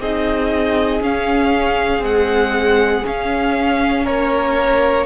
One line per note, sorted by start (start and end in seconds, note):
0.00 1.02 C4
0.00 1.01 D#4
0.00 4.04 G#4
0.00 1.03 D#5
1.01 2.03 C#4
1.01 1.99 C#4
1.01 2.04 F5
1.99 3.04 G#3
1.99 3.01 C4
1.99 3.06 F#5
3.04 5.07 C#4
3.04 4.07 C#4
3.04 4.06 F5
4.04 5.07 A#3
4.04 5.06 A#4
4.04 5.07 C#5